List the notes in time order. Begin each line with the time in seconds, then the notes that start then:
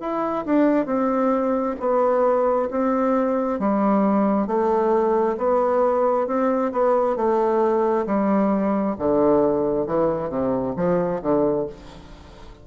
0.00 E4
0.45 D4
0.86 C4
1.80 B3
2.70 C4
3.59 G3
4.47 A3
5.37 B3
6.27 C4
6.72 B3
7.16 A3
8.06 G3
8.99 D3
9.87 E3
10.29 C3
10.76 F3
11.22 D3